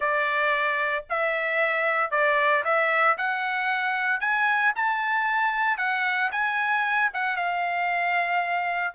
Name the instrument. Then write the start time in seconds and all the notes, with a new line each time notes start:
trumpet
0.00 D5
1.09 E5
2.11 D5
2.64 E5
3.17 F#5
4.20 G#5
4.75 A5
5.77 F#5
6.31 G#5
7.13 F#5
7.36 F5